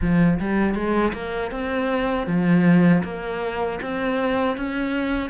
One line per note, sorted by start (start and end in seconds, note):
0.01 0.39 F3
0.39 0.74 G3
0.74 1.12 G#3
1.13 1.51 A#3
1.51 2.26 C4
2.26 3.02 F3
3.03 3.79 A#3
3.81 4.56 C4
4.56 5.30 C#4